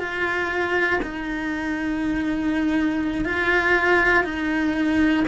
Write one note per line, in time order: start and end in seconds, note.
0.00 1.00 F4
1.03 3.25 D#4
3.25 4.25 F4
4.25 5.25 D#4